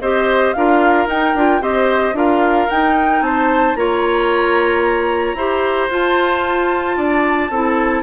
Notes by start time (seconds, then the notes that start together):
0.00 C4 G4 C5 D#5
0.53 D4 F4 A#4 F5
1.06 D#4 G5
1.34 D4 F4
1.60 C4 G4 C5 D#5
2.12 D4 F4 A#4 F5
2.69 D#4 G5
3.21 C4 C5 A5
3.75 A#3 F4 C#5 A#5
5.34 E4 G4 C5
5.88 F4 A5
6.96 D4 D5
7.49 C4 E4 A4